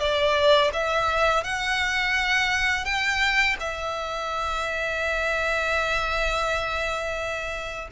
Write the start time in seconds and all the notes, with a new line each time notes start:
0.00 D5
0.73 E5
1.44 F#5
2.85 G5
3.60 E5